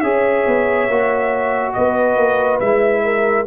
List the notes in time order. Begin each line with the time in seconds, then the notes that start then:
0.00 C#4 G#4 C#5 E5
0.46 B3
0.88 A#3 F#4
1.73 B3 B4 D#5
2.16 A#3
2.59 G#3 E4 E5
3.03 A#4